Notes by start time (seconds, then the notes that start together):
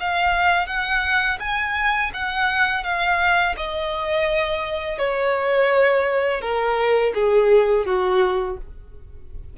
0.00 F5
0.67 F#5
1.40 G#5
2.14 F#5
2.84 F5
3.57 D#5
4.99 C#5
6.42 A#4
7.14 G#4
7.86 F#4